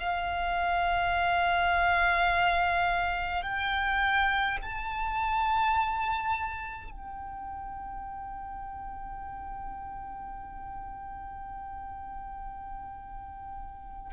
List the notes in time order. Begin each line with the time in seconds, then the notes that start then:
0.00 F5
3.43 G5
4.62 A5
6.91 G5